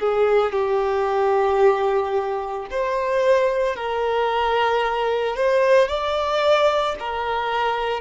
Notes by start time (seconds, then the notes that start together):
0.00 G#4
0.52 G4
2.70 C5
3.75 A#4
5.36 C5
5.88 D5
6.99 A#4